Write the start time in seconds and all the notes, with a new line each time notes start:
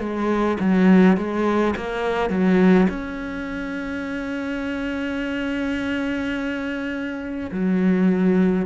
0.00 G#3
0.60 F#3
1.17 G#3
1.77 A#3
2.30 F#3
2.90 C#4
7.52 F#3